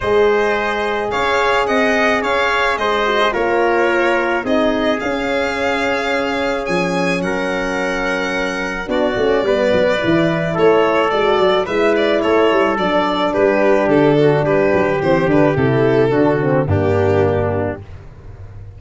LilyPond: <<
  \new Staff \with { instrumentName = "violin" } { \time 4/4 \tempo 4 = 108 dis''2 f''4 fis''4 | f''4 dis''4 cis''2 | dis''4 f''2. | gis''4 fis''2. |
d''2. cis''4 | d''4 e''8 d''8 cis''4 d''4 | b'4 a'4 b'4 c''8 b'8 | a'2 g'2 | }
  \new Staff \with { instrumentName = "trumpet" } { \time 4/4 c''2 cis''4 dis''4 | cis''4 c''4 ais'2 | gis'1~ | gis'4 ais'2. |
fis'4 b'2 a'4~ | a'4 b'4 a'2 | g'4. fis'8 g'2~ | g'4 fis'4 d'2 | }
  \new Staff \with { instrumentName = "horn" } { \time 4/4 gis'1~ | gis'4. fis'16 gis'16 f'2 | dis'4 cis'2.~ | cis'1 |
d'8 cis'8 b4 e'2 | fis'4 e'2 d'4~ | d'2. c'8 d'8 | e'4 d'8 c'8 ais2 | }
  \new Staff \with { instrumentName = "tuba" } { \time 4/4 gis2 cis'4 c'4 | cis'4 gis4 ais2 | c'4 cis'2. | f4 fis2. |
b8 a8 g8 fis8 e4 a4 | gis8 fis8 gis4 a8 g8 fis4 | g4 d4 g8 fis8 e8 d8 | c4 d4 g,2 | }
>>